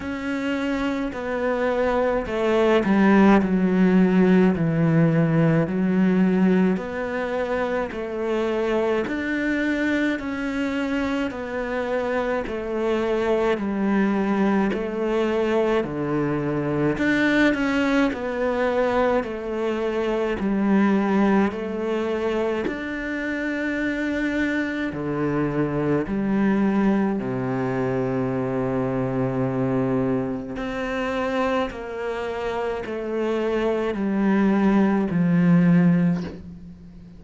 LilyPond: \new Staff \with { instrumentName = "cello" } { \time 4/4 \tempo 4 = 53 cis'4 b4 a8 g8 fis4 | e4 fis4 b4 a4 | d'4 cis'4 b4 a4 | g4 a4 d4 d'8 cis'8 |
b4 a4 g4 a4 | d'2 d4 g4 | c2. c'4 | ais4 a4 g4 f4 | }